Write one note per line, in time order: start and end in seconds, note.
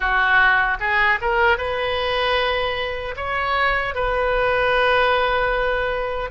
0.00 0.77 F#4
0.79 1.19 G#4
1.21 1.57 A#4
1.57 3.15 B4
3.16 3.94 C#5
3.94 6.31 B4